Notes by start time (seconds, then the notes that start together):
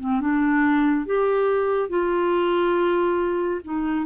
0.00 C4
0.21 D4
1.06 G4
1.90 F4
3.64 D#4